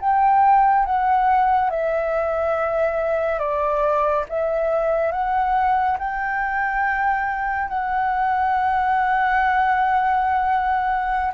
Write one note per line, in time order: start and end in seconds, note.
0.00 0.86 G5
0.86 1.71 F#5
1.71 3.39 E5
3.39 4.25 D5
4.29 5.12 E5
5.12 5.98 F#5
5.99 7.68 G5
7.68 11.33 F#5